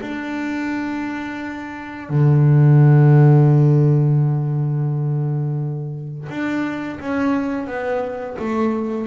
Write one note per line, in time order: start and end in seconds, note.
0.00 2.09 D4
2.09 6.28 D3
6.29 6.99 D4
7.00 7.67 C#4
7.67 8.37 B3
8.38 9.07 A3